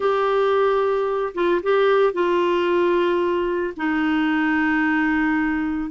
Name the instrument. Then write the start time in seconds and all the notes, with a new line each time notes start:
clarinet
0.00 G4
1.34 F4
1.62 G4
2.13 F4
3.76 D#4